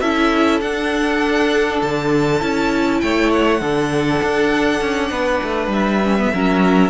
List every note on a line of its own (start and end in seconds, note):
0.00 0.61 C#4
0.00 0.62 E4
0.00 3.02 A4
0.00 0.60 E5
0.61 1.81 D4
0.61 2.41 D4
0.61 1.81 F#5
1.82 2.42 D3
1.82 3.01 A5
2.41 3.03 C#4
2.41 3.61 E4
3.01 3.62 A3
3.01 3.61 C#5
3.01 3.31 G5
3.32 5.72 F#5
3.61 4.21 D3
3.61 6.03 D4
3.61 5.11 A4
4.23 4.81 D4
4.81 5.11 C#4
5.11 5.41 B3
5.11 6.32 B4
5.44 5.67 A3
5.67 6.28 G3
5.67 6.90 E5
6.04 6.19 C#4
6.19 6.33 B3
6.33 6.90 F#3
6.33 6.90 C#4
6.33 6.90 A#4